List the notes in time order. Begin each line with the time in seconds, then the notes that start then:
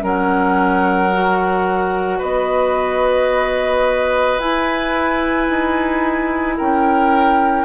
0.00 F#3 C#4 A#4 F#5
1.12 F#4
2.18 B3 B4 D#5
4.39 E4 G#5
5.49 D#4
6.57 C#4 A#4 G5